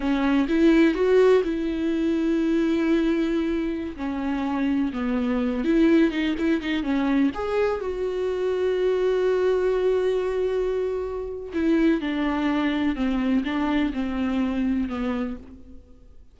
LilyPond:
\new Staff \with { instrumentName = "viola" } { \time 4/4 \tempo 4 = 125 cis'4 e'4 fis'4 e'4~ | e'1~ | e'16 cis'2 b4. e'16~ | e'8. dis'8 e'8 dis'8 cis'4 gis'8.~ |
gis'16 fis'2.~ fis'8.~ | fis'1 | e'4 d'2 c'4 | d'4 c'2 b4 | }